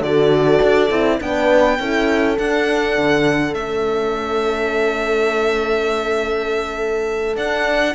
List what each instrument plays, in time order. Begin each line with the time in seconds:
0.00 cello D3, horn F#4 A4, violin D5
0.63 cello D4
0.90 cello C4, horn E4
1.19 cello B3, horn D4 B4, violin G5
1.79 cello C#4, horn E4 A4
2.38 horn D4, cello D4, violin F#5
2.97 cello D3
3.54 cello A3, horn C#4, violin E5
7.35 cello D4, horn D4, violin F#5